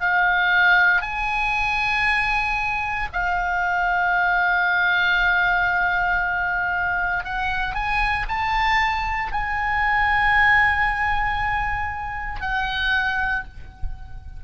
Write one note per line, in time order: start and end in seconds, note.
0.00 1.02 F5
1.02 3.08 G#5
3.13 7.24 F5
7.24 7.75 F#5
7.75 8.27 G#5
8.29 9.32 A5
9.32 12.41 G#5
12.41 13.44 F#5